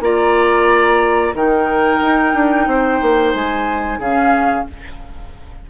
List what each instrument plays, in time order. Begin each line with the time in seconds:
0.00 bassoon A#3, clarinet F4, oboe D5, flute A#5
1.34 bassoon D#3, clarinet D#4, oboe A#4, flute G5
2.01 bassoon D#4
2.34 bassoon D4
2.67 bassoon C4, oboe C5
3.02 bassoon A#3
3.33 bassoon G#3, flute G#5
3.98 bassoon C#3, clarinet C#4, oboe G#4, flute F5